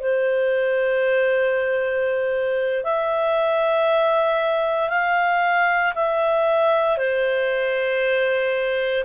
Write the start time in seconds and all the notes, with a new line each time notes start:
0.00 C5
2.84 E5
4.90 F5
5.95 E5
6.98 C5